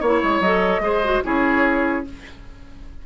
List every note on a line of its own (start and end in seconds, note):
0.00 0.22 A#3
0.00 0.44 E4
0.00 0.81 C#5
0.00 0.41 C#5
0.23 0.40 G#3
0.40 0.79 F#3
0.40 0.82 A4
0.40 1.22 D#5
0.79 1.20 G#3
0.79 1.02 G#4
0.79 1.23 C5
1.03 1.23 F#4
1.23 2.06 C#4
1.23 2.04 E4
1.23 2.05 G#4
1.23 2.06 C#5